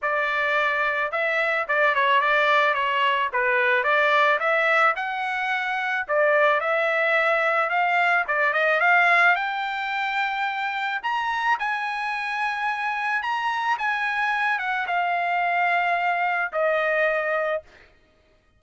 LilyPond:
\new Staff \with { instrumentName = "trumpet" } { \time 4/4 \tempo 4 = 109 d''2 e''4 d''8 cis''8 | d''4 cis''4 b'4 d''4 | e''4 fis''2 d''4 | e''2 f''4 d''8 dis''8 |
f''4 g''2. | ais''4 gis''2. | ais''4 gis''4. fis''8 f''4~ | f''2 dis''2 | }